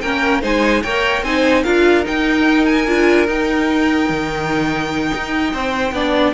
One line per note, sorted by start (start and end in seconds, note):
0.00 0.43 A#3
0.00 0.42 C#4
0.00 0.41 A#4
0.00 0.41 G5
0.41 0.83 G#3
0.41 0.83 D#4
0.41 0.82 C5
0.41 0.83 G#5
0.83 1.22 A#3
0.83 1.25 A#4
0.83 1.23 C#5
0.83 1.23 G5
1.22 1.63 C4
1.22 1.64 D#4
1.22 1.63 C5
1.22 1.63 G#5
1.63 2.06 D4
1.63 2.03 F4
1.63 5.51 A#4
1.63 2.03 F5
2.03 2.85 D#4
2.03 2.87 D#4
2.03 2.65 G5
2.65 3.27 G#5
2.87 3.27 D4
2.87 3.26 F4
3.26 5.92 D#4
3.26 4.09 D#4
3.26 6.33 G5
4.09 5.11 D#3
5.14 5.53 D#4
5.53 5.91 C4
5.53 5.94 C5
5.91 6.32 B3
5.91 6.33 D4
5.91 6.33 D5